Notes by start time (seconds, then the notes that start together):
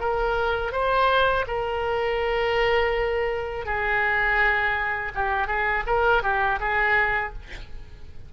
0.00 A#4
0.72 C5
1.47 A#4
3.66 G#4
5.15 G4
5.47 G#4
5.87 A#4
6.23 G4
6.60 G#4